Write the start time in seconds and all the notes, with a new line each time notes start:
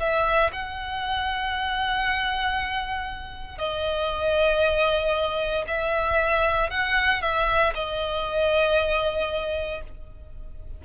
0.00 E5
0.53 F#5
3.59 D#5
5.68 E5
6.71 F#5
7.22 E5
7.75 D#5